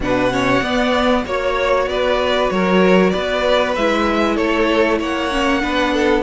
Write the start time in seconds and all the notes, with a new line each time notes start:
0.00 B2 D4 B4 F#5
0.31 C#4 C#5
0.61 B3 D5
1.24 A#3 F#4 C#5
1.86 B3 B4 D5
2.49 F#3 A#4 C#5
3.10 B3 B4 D5
3.75 G#3 E4 E5
4.35 A3 A4 C#5
4.99 A#3 C#5 F#5
5.31 C#4
5.60 B3 D4 B4
5.93 A4